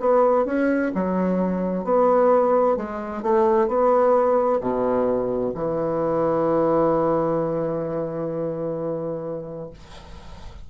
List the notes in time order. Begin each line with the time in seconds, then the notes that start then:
0.00 B3
0.46 C#4
0.94 F#3
1.84 B3
2.77 G#3
3.23 A3
3.68 B3
4.61 B2
5.55 E3